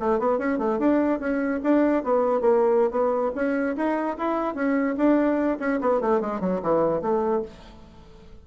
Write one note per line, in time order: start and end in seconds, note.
0.00 0.19 A3
0.19 0.39 B3
0.39 0.59 C#4
0.59 0.79 A3
0.79 1.20 D4
1.20 1.61 C#4
1.64 2.04 D4
2.04 2.41 B3
2.41 2.91 A#3
2.91 3.32 B3
3.36 3.77 C#4
3.77 4.17 D#4
4.18 4.55 E4
4.55 4.96 C#4
4.98 5.59 D4
5.60 5.81 C#4
5.81 6.01 B3
6.01 6.21 A3
6.21 6.41 G#3
6.41 6.61 F#3
6.63 7.02 E3
7.02 7.43 A3